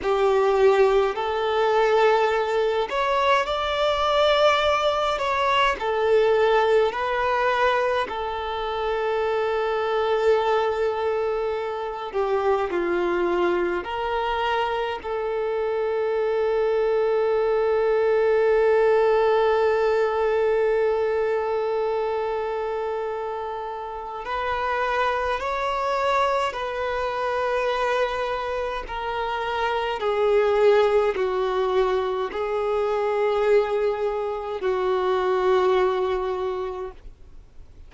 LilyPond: \new Staff \with { instrumentName = "violin" } { \time 4/4 \tempo 4 = 52 g'4 a'4. cis''8 d''4~ | d''8 cis''8 a'4 b'4 a'4~ | a'2~ a'8 g'8 f'4 | ais'4 a'2.~ |
a'1~ | a'4 b'4 cis''4 b'4~ | b'4 ais'4 gis'4 fis'4 | gis'2 fis'2 | }